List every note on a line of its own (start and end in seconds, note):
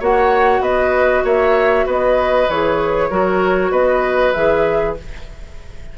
0.00 0.60 A#3
0.00 2.48 F#4
0.00 0.62 C#5
0.00 0.63 F#5
0.60 1.22 B3
0.60 1.24 B4
0.60 1.24 D#5
1.24 1.86 A#3
1.24 1.86 C#5
1.24 1.88 E5
1.86 2.48 B3
1.86 3.10 B4
1.86 2.50 D#5
2.49 3.11 E3
2.49 3.11 G#4
2.49 3.72 C#5
3.11 3.71 F#3
3.11 4.34 F#4
3.11 3.72 A#4
3.71 4.33 B3
3.71 4.95 B4
3.71 4.33 D#5
4.33 4.98 E3
4.33 4.97 G#4
4.33 4.95 E5